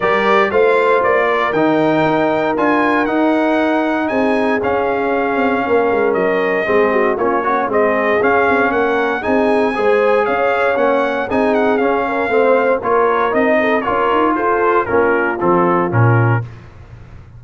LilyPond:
<<
  \new Staff \with { instrumentName = "trumpet" } { \time 4/4 \tempo 4 = 117 d''4 f''4 d''4 g''4~ | g''4 gis''4 fis''2 | gis''4 f''2. | dis''2 cis''4 dis''4 |
f''4 fis''4 gis''2 | f''4 fis''4 gis''8 fis''8 f''4~ | f''4 cis''4 dis''4 cis''4 | c''4 ais'4 a'4 ais'4 | }
  \new Staff \with { instrumentName = "horn" } { \time 4/4 ais'4 c''4. ais'4.~ | ais'1 | gis'2. ais'4~ | ais'4 gis'8 fis'8 f'8 cis'8 gis'4~ |
gis'4 ais'4 gis'4 c''4 | cis''2 gis'4. ais'8 | c''4 ais'4. a'8 ais'4 | a'4 f'2. | }
  \new Staff \with { instrumentName = "trombone" } { \time 4/4 g'4 f'2 dis'4~ | dis'4 f'4 dis'2~ | dis'4 cis'2.~ | cis'4 c'4 cis'8 fis'8 c'4 |
cis'2 dis'4 gis'4~ | gis'4 cis'4 dis'4 cis'4 | c'4 f'4 dis'4 f'4~ | f'4 cis'4 c'4 cis'4 | }
  \new Staff \with { instrumentName = "tuba" } { \time 4/4 g4 a4 ais4 dis4 | dis'4 d'4 dis'2 | c'4 cis'4. c'8 ais8 gis8 | fis4 gis4 ais4 gis4 |
cis'8 c'8 ais4 c'4 gis4 | cis'4 ais4 c'4 cis'4 | a4 ais4 c'4 cis'8 dis'8 | f'4 ais4 f4 ais,4 | }
>>